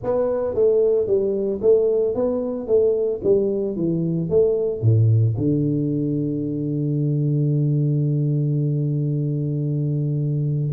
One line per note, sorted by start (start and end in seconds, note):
0.03 0.54 B3
0.54 1.06 A3
1.06 1.60 G3
1.61 2.14 A3
2.14 2.67 B3
2.67 3.20 A3
3.23 3.75 G3
3.75 4.29 E3
4.29 4.81 A3
4.81 5.35 A2
5.37 10.72 D3